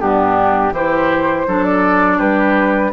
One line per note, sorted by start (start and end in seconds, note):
0.00 0.71 G2
0.00 0.73 B3
0.00 0.73 D4
0.00 0.73 G4
0.71 1.45 E3
0.71 1.47 E4
0.71 1.46 G4
0.71 1.64 C5
1.47 2.20 F#3
1.47 2.92 D4
1.47 2.18 A4
1.64 2.19 D5
2.18 2.92 G3
2.18 2.91 G4
2.18 2.92 B4